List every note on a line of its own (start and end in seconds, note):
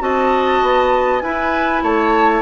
0.00 0.62 C4
0.00 1.21 F#4
0.00 1.23 D#5
0.00 1.21 A5
0.62 1.22 B3
1.21 1.82 E4
1.21 2.42 E4
1.21 1.83 B4
1.21 1.82 G#5
1.83 2.42 A3
1.83 2.42 C#5
1.83 2.42 A5